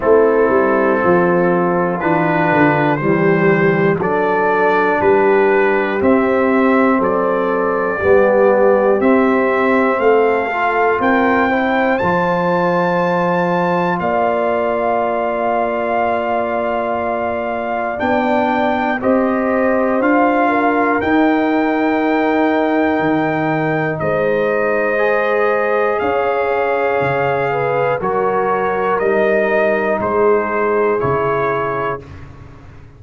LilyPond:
<<
  \new Staff \with { instrumentName = "trumpet" } { \time 4/4 \tempo 4 = 60 a'2 b'4 c''4 | d''4 b'4 e''4 d''4~ | d''4 e''4 f''4 g''4 | a''2 f''2~ |
f''2 g''4 dis''4 | f''4 g''2. | dis''2 f''2 | cis''4 dis''4 c''4 cis''4 | }
  \new Staff \with { instrumentName = "horn" } { \time 4/4 e'4 f'2 g'4 | a'4 g'2 a'4 | g'2 a'4 ais'8 c''8~ | c''2 d''2~ |
d''2. c''4~ | c''8 ais'2.~ ais'8 | c''2 cis''4. b'8 | ais'2 gis'2 | }
  \new Staff \with { instrumentName = "trombone" } { \time 4/4 c'2 d'4 g4 | d'2 c'2 | b4 c'4. f'4 e'8 | f'1~ |
f'2 d'4 g'4 | f'4 dis'2.~ | dis'4 gis'2. | fis'4 dis'2 e'4 | }
  \new Staff \with { instrumentName = "tuba" } { \time 4/4 a8 g8 f4 e8 d8 e4 | fis4 g4 c'4 fis4 | g4 c'4 a4 c'4 | f2 ais2~ |
ais2 b4 c'4 | d'4 dis'2 dis4 | gis2 cis'4 cis4 | fis4 g4 gis4 cis4 | }
>>